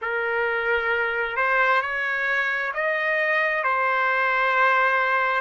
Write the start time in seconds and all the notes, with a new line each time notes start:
0.01 A#4
1.36 C5
1.81 C#5
2.74 D#5
3.63 C5